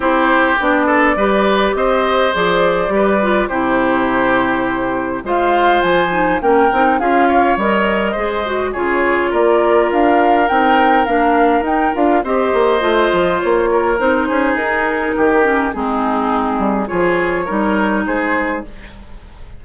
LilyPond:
<<
  \new Staff \with { instrumentName = "flute" } { \time 4/4 \tempo 4 = 103 c''4 d''2 dis''4 | d''2 c''2~ | c''4 f''4 gis''4 g''4 | f''4 dis''2 cis''4 |
d''4 f''4 g''4 f''4 | g''8 f''8 dis''2 cis''4 | c''4 ais'2 gis'4~ | gis'4 cis''2 c''4 | }
  \new Staff \with { instrumentName = "oboe" } { \time 4/4 g'4. a'8 b'4 c''4~ | c''4 b'4 g'2~ | g'4 c''2 ais'4 | gis'8 cis''4. c''4 gis'4 |
ais'1~ | ais'4 c''2~ c''8 ais'8~ | ais'8 gis'4. g'4 dis'4~ | dis'4 gis'4 ais'4 gis'4 | }
  \new Staff \with { instrumentName = "clarinet" } { \time 4/4 e'4 d'4 g'2 | gis'4 g'8 f'8 e'2~ | e'4 f'4. dis'8 cis'8 dis'8 | f'4 ais'4 gis'8 fis'8 f'4~ |
f'2 dis'4 d'4 | dis'8 f'8 g'4 f'2 | dis'2~ dis'8 cis'8 c'4~ | c'4 f'4 dis'2 | }
  \new Staff \with { instrumentName = "bassoon" } { \time 4/4 c'4 b4 g4 c'4 | f4 g4 c2~ | c4 gis4 f4 ais8 c'8 | cis'4 g4 gis4 cis4 |
ais4 d'4 c'4 ais4 | dis'8 d'8 c'8 ais8 a8 f8 ais4 | c'8 cis'8 dis'4 dis4 gis4~ | gis8 g8 f4 g4 gis4 | }
>>